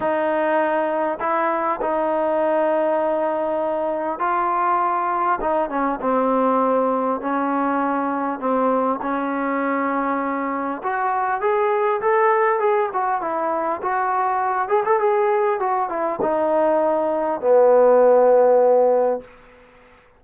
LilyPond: \new Staff \with { instrumentName = "trombone" } { \time 4/4 \tempo 4 = 100 dis'2 e'4 dis'4~ | dis'2. f'4~ | f'4 dis'8 cis'8 c'2 | cis'2 c'4 cis'4~ |
cis'2 fis'4 gis'4 | a'4 gis'8 fis'8 e'4 fis'4~ | fis'8 gis'16 a'16 gis'4 fis'8 e'8 dis'4~ | dis'4 b2. | }